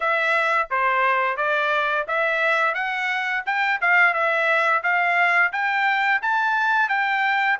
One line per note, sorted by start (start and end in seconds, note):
0.00 0.68 E5
0.70 1.36 C5
1.36 2.05 D5
2.07 2.74 E5
2.74 3.43 F#5
3.45 3.80 G5
3.81 4.13 F5
4.13 4.82 E5
4.83 5.52 F5
5.52 6.21 G5
6.22 6.88 A5
6.88 7.57 G5